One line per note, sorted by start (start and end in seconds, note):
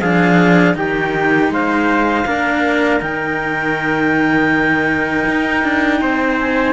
0.00 0.74 F3
0.00 0.74 D4
0.00 0.76 G#4
0.00 0.75 F5
0.74 1.49 D#3
0.74 2.24 D#4
0.74 1.52 G4
0.74 1.51 G5
1.49 2.24 G#3
1.49 2.27 C5
1.49 3.01 F5
2.25 3.00 A#3
2.25 3.00 D4
2.25 6.01 A#4
3.00 5.26 D#3
3.00 6.73 D#4
3.00 6.38 G5
5.27 5.63 D#4
5.63 6.01 D4
6.01 6.73 C4
6.01 6.73 C5
6.39 6.73 G#5